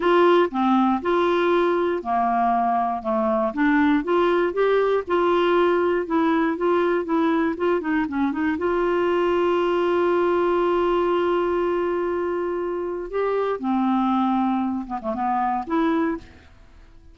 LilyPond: \new Staff \with { instrumentName = "clarinet" } { \time 4/4 \tempo 4 = 119 f'4 c'4 f'2 | ais2 a4 d'4 | f'4 g'4 f'2 | e'4 f'4 e'4 f'8 dis'8 |
cis'8 dis'8 f'2.~ | f'1~ | f'2 g'4 c'4~ | c'4. b16 a16 b4 e'4 | }